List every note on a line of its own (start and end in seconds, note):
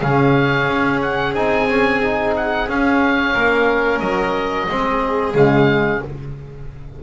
0.00 0.67 C#3
0.00 1.35 C#4
0.00 3.33 G#4
0.00 1.00 F5
0.67 1.33 C#4
1.02 1.34 F#5
1.34 2.67 C4
1.34 1.68 D#4
1.34 2.34 G#5
1.69 2.02 C#4
2.02 2.68 D#4
2.36 2.69 F#5
2.68 3.35 C#4
2.68 4.68 C#4
2.68 3.99 F5
3.33 4.00 A#3
3.33 4.67 A#4
3.99 4.67 F#3
3.99 5.33 D#5
4.69 5.34 G#3
4.69 5.34 C4
4.69 6.03 G#4
5.34 6.01 C#3
5.34 6.01 G#3
5.34 6.03 F5